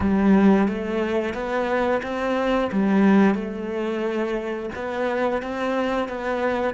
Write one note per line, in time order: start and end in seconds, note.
0.00 0.67 G3
0.67 1.34 A3
1.34 2.01 B3
2.02 2.70 C4
2.72 3.35 G3
3.35 4.69 A3
4.75 5.42 B3
5.42 6.08 C4
6.08 6.74 B3